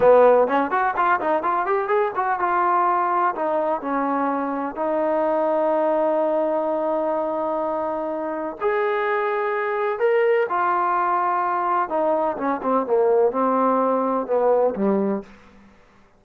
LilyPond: \new Staff \with { instrumentName = "trombone" } { \time 4/4 \tempo 4 = 126 b4 cis'8 fis'8 f'8 dis'8 f'8 g'8 | gis'8 fis'8 f'2 dis'4 | cis'2 dis'2~ | dis'1~ |
dis'2 gis'2~ | gis'4 ais'4 f'2~ | f'4 dis'4 cis'8 c'8 ais4 | c'2 b4 g4 | }